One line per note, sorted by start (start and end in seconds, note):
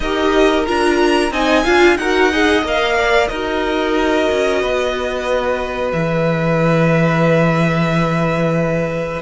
0.00 0.66 D#4
0.00 0.65 G4
0.00 1.32 A#4
0.00 0.65 D#5
0.65 1.30 D4
0.65 1.31 F4
0.65 1.32 A#5
1.30 1.63 C4
1.30 1.64 D#4
1.30 1.64 D#5
1.30 1.97 G#5
1.64 1.97 D4
1.64 1.97 F4
1.64 1.97 F5
1.97 2.63 D#4
1.97 2.31 F#4
1.97 2.31 A#4
1.97 2.63 F#5
2.31 2.64 G#4
2.31 2.97 D#5
2.63 3.29 A#3
2.63 3.30 A#4
2.63 3.27 F5
2.97 3.29 D5
3.27 4.28 D#4
3.27 5.94 F#4
3.27 4.61 A#4
3.27 5.91 D#5
4.31 4.63 C#4
4.61 5.92 B3
4.61 9.21 B4
5.92 9.21 E3
5.92 9.21 G#4
5.92 9.21 E5